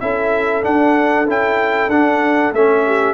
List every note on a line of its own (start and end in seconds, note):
0.00 0.65 C#4
0.00 0.62 E4
0.00 2.86 A4
0.00 0.63 E5
0.62 1.26 D4
0.62 1.27 D4
0.62 1.27 F#5
1.26 1.88 C#4
1.26 1.90 E4
1.26 1.90 G5
1.88 2.51 D4
1.88 2.54 D4
1.88 2.53 F#5
2.52 3.14 A3
2.52 3.14 C#4
2.52 3.14 E5
2.86 3.14 G4